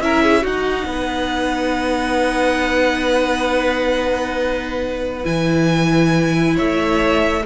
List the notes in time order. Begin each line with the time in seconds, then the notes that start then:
0.00 C#4 E4 A#4 E5
0.23 G#4
0.42 D#4 F#4 F#5
0.86 B3
0.93 B4
5.23 E3 E4 G#5
6.55 A3 C#5 E5